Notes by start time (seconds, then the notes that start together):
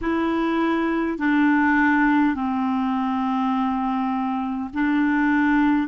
0.01 E4
1.18 D4
2.34 C4
4.73 D4